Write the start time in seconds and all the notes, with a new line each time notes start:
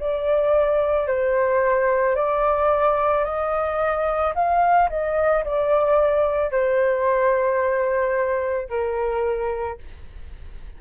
0.00 D5
1.08 C5
2.16 D5
3.25 D#5
4.35 F5
4.90 D#5
5.45 D5
6.52 C5
8.70 A#4